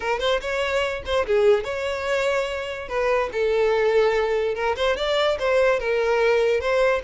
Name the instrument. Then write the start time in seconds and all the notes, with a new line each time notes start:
violin
0.00 A#4
0.19 C5
0.40 C#5
1.05 C5
1.26 G#4
1.64 C#5
2.88 B4
3.32 A4
4.54 A#4
4.76 C5
4.96 D5
5.39 C5
5.79 A#4
6.60 C5